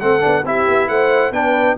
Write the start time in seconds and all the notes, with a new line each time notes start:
0.00 A3 C4 A4 F#5
0.20 B3 D4
0.44 C4 E4 G4 E5
0.67 B3
0.88 A3 C5 F#5
1.31 B3 D4 B4 G5